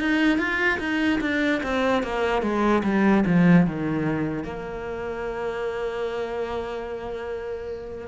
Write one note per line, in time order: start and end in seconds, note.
0.00 0.38 D#4
0.38 0.79 F4
0.79 1.20 D#4
1.21 1.62 D4
1.64 2.03 C4
2.03 2.43 A#3
2.43 2.83 G#3
2.84 3.24 G3
3.27 3.67 F3
3.67 4.44 D#3
4.44 8.08 A#3